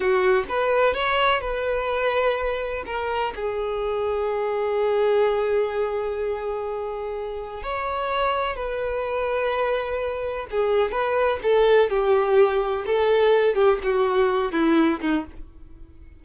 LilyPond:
\new Staff \with { instrumentName = "violin" } { \time 4/4 \tempo 4 = 126 fis'4 b'4 cis''4 b'4~ | b'2 ais'4 gis'4~ | gis'1~ | gis'1 |
cis''2 b'2~ | b'2 gis'4 b'4 | a'4 g'2 a'4~ | a'8 g'8 fis'4. e'4 dis'8 | }